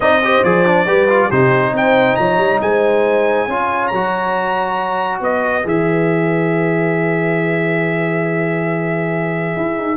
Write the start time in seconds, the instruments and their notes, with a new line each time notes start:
0.00 tuba C4, trombone D#4, horn D5, trumpet D#5
0.24 trombone G4, horn C5
0.44 tuba F3, trombone G#4, trumpet D5
0.65 trombone D4
0.86 tuba G3, trombone G4, horn B4
1.09 trombone F4
1.28 tuba C3, trombone D#4, horn G4, trumpet C5
1.73 tuba C4, horn C5, trumpet G5
2.16 tuba F3, horn C#5, trumpet A#5
2.37 tuba G3
2.61 tuba G#3, horn C5, trumpet G#5
3.47 tuba C#4, trombone F4, horn C#5
3.87 tuba F#3, trumpet A#5
3.94 trombone F#4
5.20 tuba B3, horn B4, trumpet D#5
5.63 tuba E3, trombone G#4, trumpet E5
9.56 tuba E4
9.78 tuba D#4